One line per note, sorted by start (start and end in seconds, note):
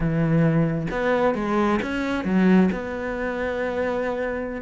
0.00 0.87 E3
0.90 1.34 B3
1.34 1.79 G#3
1.82 2.24 C#4
2.24 2.69 F#3
2.71 4.61 B3